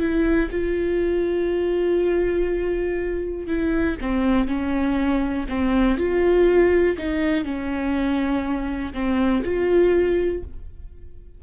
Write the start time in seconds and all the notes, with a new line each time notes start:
0.00 E4
0.51 F4
3.47 E4
4.01 C4
4.48 C#4
5.49 C4
5.98 F4
6.98 D#4
7.44 C#4
8.94 C4
9.44 F4